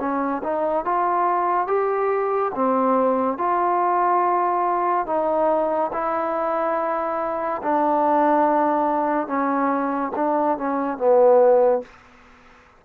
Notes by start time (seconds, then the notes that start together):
0.00 C#4
0.44 D#4
0.85 F4
1.68 G4
2.55 C4
3.38 F4
5.07 D#4
5.93 E4
7.63 D4
9.28 C#4
10.16 D4
10.58 C#4
10.98 B3